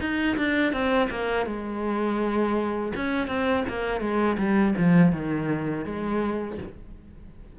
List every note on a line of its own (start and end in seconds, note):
0.00 0.37 D#4
0.37 0.73 D4
0.73 1.09 C4
1.10 1.46 A#3
1.46 2.93 G#3
2.96 3.28 C#4
3.28 3.64 C4
3.69 4.00 A#3
4.00 4.37 G#3
4.38 4.74 G3
4.78 5.13 F3
5.13 5.85 D#3
5.85 6.58 G#3